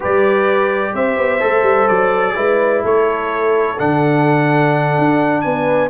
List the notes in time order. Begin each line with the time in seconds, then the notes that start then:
0.00 G3 G4 B4 D5
0.93 C4 C5 E5
1.17 B3
1.40 A3 A4
1.62 G3
1.88 F#3 D5
2.35 G#3 E4 B4
2.83 A3 A4 C#5
3.78 D3 D4 F#5
4.98 D4
5.41 B3 B4 G#5